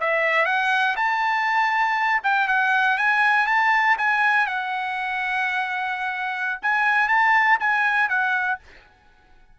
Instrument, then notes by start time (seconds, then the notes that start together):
trumpet
0.00 E5
0.45 F#5
0.96 A5
2.23 G5
2.48 F#5
2.98 G#5
3.47 A5
3.97 G#5
4.47 F#5
6.62 G#5
7.08 A5
7.60 G#5
8.09 F#5